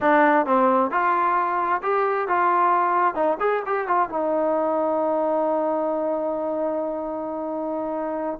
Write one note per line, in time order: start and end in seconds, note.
0.00 0.45 D4
0.45 0.90 C4
0.90 1.81 F4
1.82 2.27 G4
2.27 3.14 F4
3.14 3.37 D#4
3.39 3.62 G#4
3.66 3.87 G4
3.87 4.09 F4
4.09 8.39 D#4